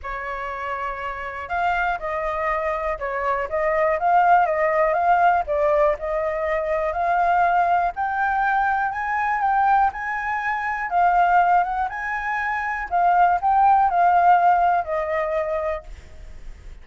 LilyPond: \new Staff \with { instrumentName = "flute" } { \time 4/4 \tempo 4 = 121 cis''2. f''4 | dis''2 cis''4 dis''4 | f''4 dis''4 f''4 d''4 | dis''2 f''2 |
g''2 gis''4 g''4 | gis''2 f''4. fis''8 | gis''2 f''4 g''4 | f''2 dis''2 | }